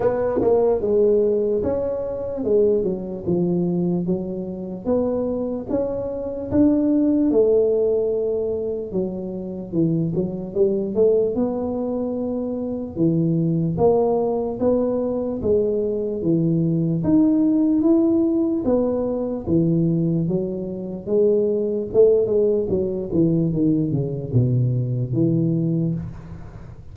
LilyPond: \new Staff \with { instrumentName = "tuba" } { \time 4/4 \tempo 4 = 74 b8 ais8 gis4 cis'4 gis8 fis8 | f4 fis4 b4 cis'4 | d'4 a2 fis4 | e8 fis8 g8 a8 b2 |
e4 ais4 b4 gis4 | e4 dis'4 e'4 b4 | e4 fis4 gis4 a8 gis8 | fis8 e8 dis8 cis8 b,4 e4 | }